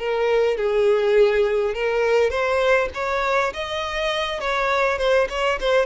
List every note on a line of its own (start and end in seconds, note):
0.00 0.57 A#4
0.57 1.75 G#4
1.75 2.30 A#4
2.30 2.89 C5
2.94 3.53 C#5
3.54 4.41 D#5
4.41 4.99 C#5
4.99 5.28 C5
5.30 5.59 C#5
5.60 5.86 C5